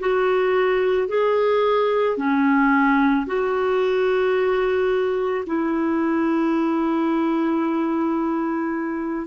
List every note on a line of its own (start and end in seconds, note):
0.00 1.08 F#4
1.08 2.17 G#4
2.17 3.26 C#4
3.26 5.44 F#4
5.46 9.27 E4